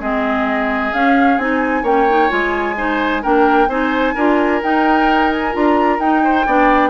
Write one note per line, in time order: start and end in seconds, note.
0.00 0.92 G#3
0.00 0.93 C4
0.00 1.83 G#4
0.00 0.93 D#5
0.93 1.37 C#4
0.93 1.40 C#4
0.93 1.39 F5
1.37 1.83 C4
1.37 1.85 D#4
1.37 1.85 G#5
1.83 2.29 A#3
1.83 2.08 C#4
1.83 2.75 C#5
1.83 2.30 G5
2.09 2.29 D#4
2.29 3.24 G#3
2.29 2.75 F4
2.29 3.22 G#5
2.77 3.22 D#4
2.77 3.22 C5
3.22 3.68 A#3
3.22 3.69 D4
3.22 3.68 A#4
3.22 3.70 G5
3.68 4.14 C4
3.68 4.16 D#4
3.68 4.15 C5
3.68 4.62 G#5
4.15 4.62 D4
4.15 4.62 F4
4.15 6.22 A#4
4.62 5.52 D#4
4.62 5.55 D#4
4.62 5.31 G5
5.31 5.54 G#5
5.52 5.99 D4
5.52 5.99 F4
5.52 6.00 A#5
5.99 6.45 D#4
5.99 6.47 D#4
5.99 6.90 G5
6.24 6.47 C5
6.47 6.90 B3
6.47 6.90 D4
6.47 6.90 D5